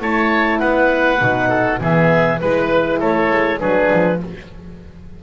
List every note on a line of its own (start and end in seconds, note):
0.00 0.61 A3
0.00 1.20 E4
0.00 0.59 C#5
0.00 0.59 A5
0.59 1.22 B3
0.59 1.49 B4
0.59 1.79 F#5
1.20 1.80 B2
1.20 1.80 D#4
1.49 1.79 A4
1.80 2.41 E3
1.80 2.41 B3
1.80 2.41 G#4
1.80 2.39 E5
2.39 3.02 G#3
2.39 3.60 E4
2.39 2.99 B4
2.39 3.00 B4
3.00 3.31 A3
3.00 3.60 A4
3.00 3.60 C#5
3.31 3.61 G#3
3.60 3.92 F#3
3.60 4.20 D4
3.60 4.20 G#4
3.60 4.20 B4
3.93 4.23 F3